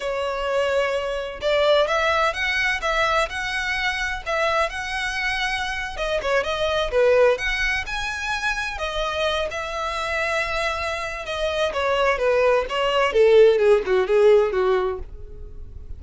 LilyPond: \new Staff \with { instrumentName = "violin" } { \time 4/4 \tempo 4 = 128 cis''2. d''4 | e''4 fis''4 e''4 fis''4~ | fis''4 e''4 fis''2~ | fis''8. dis''8 cis''8 dis''4 b'4 fis''16~ |
fis''8. gis''2 dis''4~ dis''16~ | dis''16 e''2.~ e''8. | dis''4 cis''4 b'4 cis''4 | a'4 gis'8 fis'8 gis'4 fis'4 | }